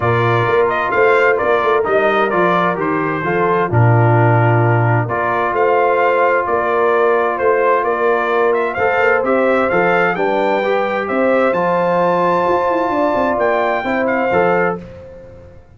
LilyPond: <<
  \new Staff \with { instrumentName = "trumpet" } { \time 4/4 \tempo 4 = 130 d''4. dis''8 f''4 d''4 | dis''4 d''4 c''2 | ais'2. d''4 | f''2 d''2 |
c''4 d''4. e''8 f''4 | e''4 f''4 g''2 | e''4 a''2.~ | a''4 g''4. f''4. | }
  \new Staff \with { instrumentName = "horn" } { \time 4/4 ais'2 c''4 ais'4~ | ais'2. a'4 | f'2. ais'4 | c''2 ais'2 |
c''4 ais'2 c''4~ | c''2 b'2 | c''1 | d''2 c''2 | }
  \new Staff \with { instrumentName = "trombone" } { \time 4/4 f'1 | dis'4 f'4 g'4 f'4 | d'2. f'4~ | f'1~ |
f'2. a'4 | g'4 a'4 d'4 g'4~ | g'4 f'2.~ | f'2 e'4 a'4 | }
  \new Staff \with { instrumentName = "tuba" } { \time 4/4 ais,4 ais4 a4 ais8 a8 | g4 f4 dis4 f4 | ais,2. ais4 | a2 ais2 |
a4 ais2 a8 ais8 | c'4 f4 g2 | c'4 f2 f'8 e'8 | d'8 c'8 ais4 c'4 f4 | }
>>